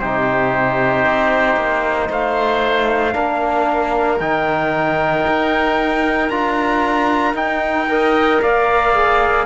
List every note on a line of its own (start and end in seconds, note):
0.00 1.05 C3
0.00 3.13 D#4
0.00 2.09 G4
0.00 2.11 C5
1.05 1.57 C4
1.57 2.09 A#3
2.09 3.15 A3
2.09 3.15 C5
2.09 4.20 F5
3.13 4.20 A#3
3.13 4.18 D4
3.13 7.89 A#4
4.20 5.26 D#3
4.20 6.31 D#4
4.20 6.30 G5
5.27 6.30 D#4
6.30 7.34 D4
6.30 7.35 F4
6.30 7.35 A#5
7.34 8.39 D#4
7.34 7.87 D#4
7.34 8.42 G5
7.89 8.94 A#4
7.89 8.43 D#5
8.42 9.46 A#3
8.42 9.46 D5
8.42 9.46 F5
8.94 9.46 G#4